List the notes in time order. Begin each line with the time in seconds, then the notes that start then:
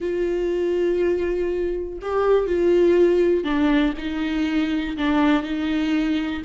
0.00 F4
2.01 G4
2.47 F4
3.43 D4
3.97 D#4
4.97 D4
5.43 D#4